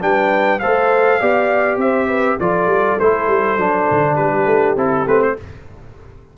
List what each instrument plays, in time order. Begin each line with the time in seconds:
0.00 tuba G3, trombone D4, horn B4, trumpet G5
0.59 tuba A3, trombone A4, horn C5, trumpet F5
1.20 tuba B3, trombone G4, horn D5
1.77 tuba C4, horn C5, trumpet E5
2.08 horn B4
2.40 tuba F3, trombone F4, horn A4, trumpet D5
2.66 tuba G3
3.00 tuba A3, trombone E4, trumpet C5
3.27 tuba G3
3.57 tuba F#3, trombone D4
3.91 tuba D3
4.14 horn G4, trumpet B4
4.20 tuba G3
4.46 tuba A3
4.76 tuba C4, trombone E4, trumpet A4
5.07 tuba A3, trombone C4, trumpet B4
5.22 trumpet C5